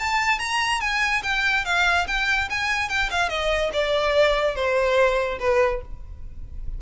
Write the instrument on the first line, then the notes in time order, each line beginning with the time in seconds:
violin
0.00 A5
0.40 A#5
0.81 G#5
1.24 G5
1.66 F5
2.08 G5
2.50 G#5
2.90 G5
3.11 F5
3.30 D#5
3.74 D5
4.56 C5
5.40 B4